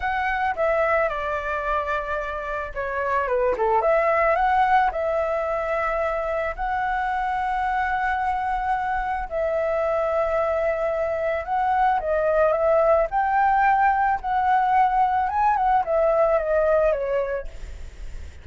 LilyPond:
\new Staff \with { instrumentName = "flute" } { \time 4/4 \tempo 4 = 110 fis''4 e''4 d''2~ | d''4 cis''4 b'8 a'8 e''4 | fis''4 e''2. | fis''1~ |
fis''4 e''2.~ | e''4 fis''4 dis''4 e''4 | g''2 fis''2 | gis''8 fis''8 e''4 dis''4 cis''4 | }